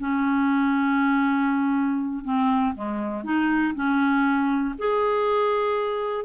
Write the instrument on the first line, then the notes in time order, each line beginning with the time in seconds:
clarinet
0.00 C#4
2.25 C4
2.75 G#3
3.25 D#4
3.75 C#4
4.79 G#4